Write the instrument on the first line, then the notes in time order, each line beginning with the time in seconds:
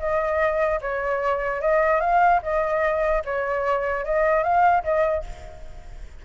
flute
0.00 D#5
0.81 C#5
1.62 D#5
2.01 F5
2.43 D#5
3.25 C#5
4.05 D#5
4.43 F5
4.84 D#5